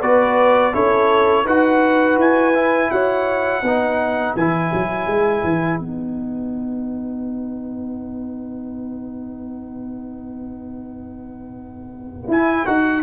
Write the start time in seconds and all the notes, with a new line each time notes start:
0.00 B3 F#4 B4 D5
0.73 C#4 E4 A4 C#5
1.45 D#4 F#4 B4 F#5
2.17 E4 G#5
2.54 E4
2.91 F#4 C#5 F#5
3.62 B3 D#4 B4
4.36 E3 E4 G#5
4.73 F#3
5.07 G#3
5.44 E3
5.79 B3 D#4 F#5
12.28 E4 G#5
12.66 D#4 F#4 F#5